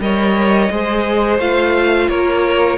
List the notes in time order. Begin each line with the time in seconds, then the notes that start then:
0.00 G3 A#4 C#5 D#5
0.70 G#3 G#4 C5
1.39 A3 F4 F5
2.09 A#3 A#4 C#5